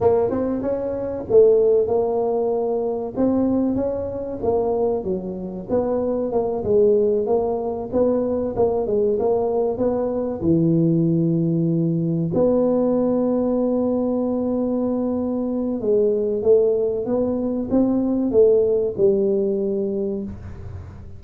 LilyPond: \new Staff \with { instrumentName = "tuba" } { \time 4/4 \tempo 4 = 95 ais8 c'8 cis'4 a4 ais4~ | ais4 c'4 cis'4 ais4 | fis4 b4 ais8 gis4 ais8~ | ais8 b4 ais8 gis8 ais4 b8~ |
b8 e2. b8~ | b1~ | b4 gis4 a4 b4 | c'4 a4 g2 | }